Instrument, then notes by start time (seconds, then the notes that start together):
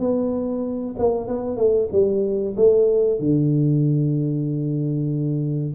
tuba
0.00 B3
0.99 A#3
1.28 B3
1.57 A3
1.92 G3
2.57 A3
3.19 D3